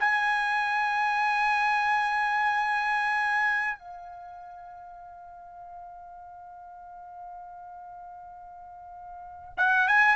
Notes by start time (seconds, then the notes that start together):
0.00 G#5
3.79 F5
9.57 F#5
9.88 G#5